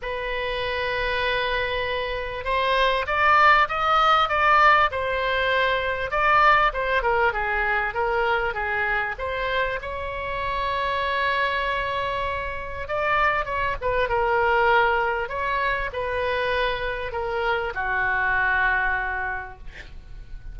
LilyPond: \new Staff \with { instrumentName = "oboe" } { \time 4/4 \tempo 4 = 98 b'1 | c''4 d''4 dis''4 d''4 | c''2 d''4 c''8 ais'8 | gis'4 ais'4 gis'4 c''4 |
cis''1~ | cis''4 d''4 cis''8 b'8 ais'4~ | ais'4 cis''4 b'2 | ais'4 fis'2. | }